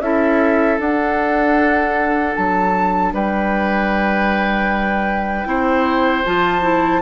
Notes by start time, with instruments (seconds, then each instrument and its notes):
0.00 bassoon C#4, clarinet E4, oboe A4, flute E5
0.79 bassoon D4, clarinet D4, flute F#5
2.35 bassoon F#3, flute A5
3.13 bassoon G3, oboe B4, flute G5
5.45 bassoon C4, clarinet E4, oboe C5
6.25 bassoon F3, clarinet F4, flute A5
6.62 clarinet E4